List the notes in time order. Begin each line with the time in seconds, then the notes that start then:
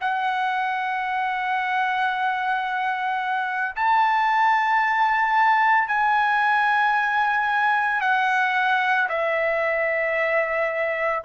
0.00 F#5
3.75 A5
5.87 G#5
8.01 F#5
9.09 E5